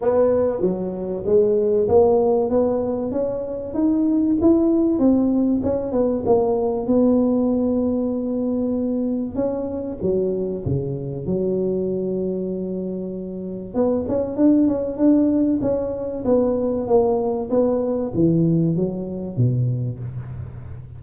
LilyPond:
\new Staff \with { instrumentName = "tuba" } { \time 4/4 \tempo 4 = 96 b4 fis4 gis4 ais4 | b4 cis'4 dis'4 e'4 | c'4 cis'8 b8 ais4 b4~ | b2. cis'4 |
fis4 cis4 fis2~ | fis2 b8 cis'8 d'8 cis'8 | d'4 cis'4 b4 ais4 | b4 e4 fis4 b,4 | }